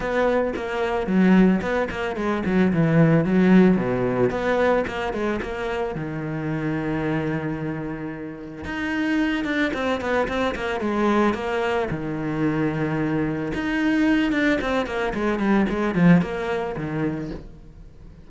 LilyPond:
\new Staff \with { instrumentName = "cello" } { \time 4/4 \tempo 4 = 111 b4 ais4 fis4 b8 ais8 | gis8 fis8 e4 fis4 b,4 | b4 ais8 gis8 ais4 dis4~ | dis1 |
dis'4. d'8 c'8 b8 c'8 ais8 | gis4 ais4 dis2~ | dis4 dis'4. d'8 c'8 ais8 | gis8 g8 gis8 f8 ais4 dis4 | }